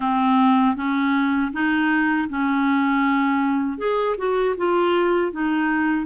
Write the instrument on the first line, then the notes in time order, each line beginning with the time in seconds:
clarinet
0.00 C4
0.76 C#4
1.52 D#4
2.29 C#4
3.78 G#4
4.17 F#4
4.57 F4
5.32 D#4